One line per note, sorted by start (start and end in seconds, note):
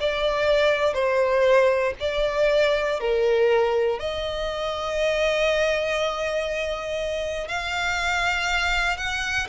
0.00 0.93 D5
0.93 1.93 C5
2.00 3.00 D5
3.00 3.99 A#4
3.99 7.48 D#5
7.48 8.97 F5
8.97 9.47 F#5